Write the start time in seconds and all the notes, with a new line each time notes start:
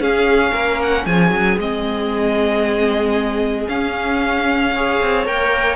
0.00 C#4 G#4 F5
0.52 A#3 A#4
0.82 F#5
1.06 F3 G#4 G#5
1.31 F#3
1.58 G#3 C4 D#5
3.68 C#4 F5
4.75 G#4 C#5
5.01 C4
5.26 A#3 A#4 G5